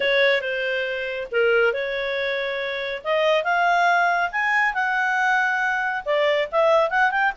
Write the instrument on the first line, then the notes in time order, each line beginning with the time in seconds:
clarinet
0.00 C#5
0.41 C5
1.31 A#4
1.73 C#5
3.04 D#5
3.44 F5
4.31 G#5
4.74 F#5
6.05 D5
6.51 E5
6.90 F#5
7.11 G5